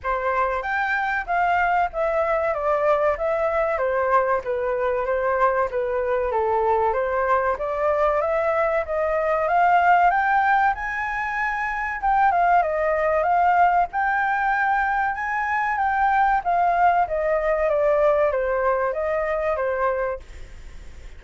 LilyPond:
\new Staff \with { instrumentName = "flute" } { \time 4/4 \tempo 4 = 95 c''4 g''4 f''4 e''4 | d''4 e''4 c''4 b'4 | c''4 b'4 a'4 c''4 | d''4 e''4 dis''4 f''4 |
g''4 gis''2 g''8 f''8 | dis''4 f''4 g''2 | gis''4 g''4 f''4 dis''4 | d''4 c''4 dis''4 c''4 | }